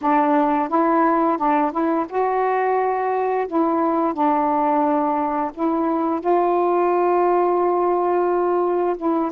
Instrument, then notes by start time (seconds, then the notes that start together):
saxophone
0.01 D4
0.68 E4
1.37 D4
1.71 E4
2.09 F#4
3.47 E4
4.13 D4
5.54 E4
6.20 F4
8.97 E4